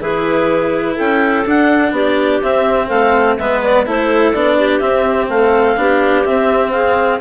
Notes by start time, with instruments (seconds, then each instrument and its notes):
0.00 bassoon E3, cello E4, clarinet G#4 B4
0.95 bassoon C#4, clarinet A4 G5
1.45 bassoon D4, cello D4, clarinet F#5
1.91 bassoon B3, clarinet G4 D5
2.42 bassoon C4, cello C4, clarinet E5
2.87 bassoon A3, clarinet A4 F5
3.37 bassoon G#3, cello B3, clarinet B4 E5
3.62 clarinet D5
3.86 bassoon A3, cello E4, clarinet A4 C5
4.33 bassoon B3, cello D4, clarinet D5
4.58 clarinet G4
4.79 bassoon C4, cello C4, clarinet E5
5.28 bassoon A3, clarinet A4 F5
5.76 bassoon B3, cello D4, clarinet G4
6.25 cello C4, bassoon C4, clarinet E5
6.71 clarinet G#4 F5